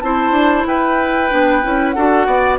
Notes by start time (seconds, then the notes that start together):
0.00 C4 E4 C5 A5
0.31 D4
0.67 E4 B4 G5
1.30 B3 D4
1.63 C#4 E4
1.91 D4 F#4 A4 F#5
2.27 B3 D5